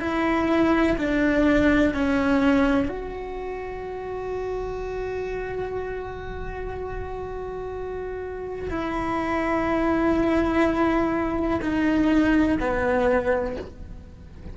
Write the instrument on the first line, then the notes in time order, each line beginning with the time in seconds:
cello
0.00 E4
0.97 D4
1.94 C#4
2.88 F#4
8.69 E4
11.61 D#4
12.59 B3